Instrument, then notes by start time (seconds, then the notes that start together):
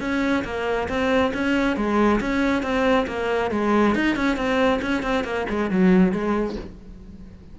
cello
0.00 C#4
0.44 A#3
0.88 C4
1.34 C#4
1.76 G#3
2.21 C#4
2.62 C4
3.07 A#3
3.51 G#3
3.95 D#4
4.16 C#4
4.37 C4
4.82 C#4
5.02 C4
5.24 A#3
5.49 G#3
5.71 F#3
6.12 G#3